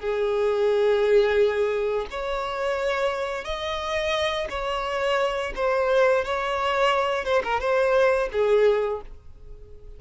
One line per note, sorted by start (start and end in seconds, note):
0.00 2.07 G#4
2.11 3.45 C#5
3.45 4.48 D#5
4.50 5.53 C#5
5.55 6.24 C5
6.25 7.25 C#5
7.25 7.42 C5
7.44 7.60 A#4
7.60 8.29 C5
8.32 9.01 G#4